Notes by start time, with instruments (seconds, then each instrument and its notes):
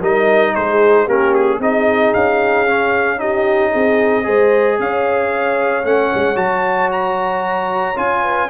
0.00 tuba G3, trombone D#4, horn A#4, trumpet D#5
0.55 tuba G#3, horn G#4, trumpet C5
1.05 tuba A#3, trombone C#4, horn G4, trumpet A#4
1.34 trumpet G#4
1.60 tuba C4, trombone D#4, horn G#4, trumpet D#5
2.14 tuba C#4, trumpet F5
2.67 trombone C#4
3.18 trombone D#4, horn G4, trumpet D#5
3.72 tuba C4, horn G#4
4.24 tuba G#3, trombone G#4, horn C5
4.79 tuba C#4, horn C#5, trumpet F5
5.84 tuba A3, trombone C#4, trumpet F#5
6.15 tuba G#3
6.35 tuba F#3, trombone F#4, trumpet A5
6.92 trumpet A#5
7.96 tuba C#4, trombone F4, trumpet G#5
8.23 horn B4